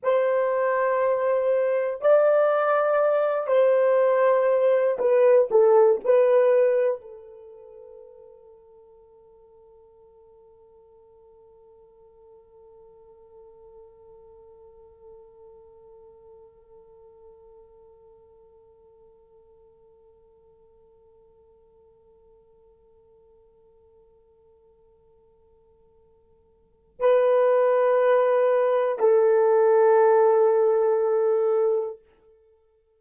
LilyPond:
\new Staff \with { instrumentName = "horn" } { \time 4/4 \tempo 4 = 60 c''2 d''4. c''8~ | c''4 b'8 a'8 b'4 a'4~ | a'1~ | a'1~ |
a'1~ | a'1~ | a'2. b'4~ | b'4 a'2. | }